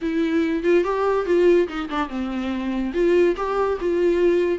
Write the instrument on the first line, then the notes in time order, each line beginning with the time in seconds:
viola
0.01 E4
0.63 F4
0.84 G4
1.25 F4
1.68 D#4
1.89 D4
2.08 C4
2.93 F4
3.36 G4
3.80 F4